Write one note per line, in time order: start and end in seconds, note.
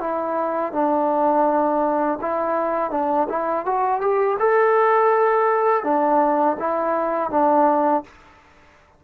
0.00 0.73 E4
0.73 2.19 D4
2.22 2.91 E4
2.91 3.28 D4
3.29 3.66 E4
3.66 4.01 F#4
4.01 4.37 G4
4.39 5.84 A4
5.84 6.57 D4
6.59 7.30 E4
7.30 8.04 D4